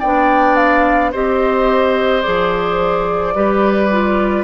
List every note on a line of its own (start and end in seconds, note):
0.00 1.13 B3
0.00 1.14 D4
0.00 1.11 D5
0.00 0.55 G5
0.55 1.11 F5
1.12 2.25 C4
1.12 2.23 G4
1.12 3.34 C5
1.12 2.22 D#5
2.22 3.35 F3
2.22 3.34 G#4
2.22 4.44 D5
3.34 4.44 G3
3.34 3.90 G4
3.34 4.44 B4
3.91 4.44 F4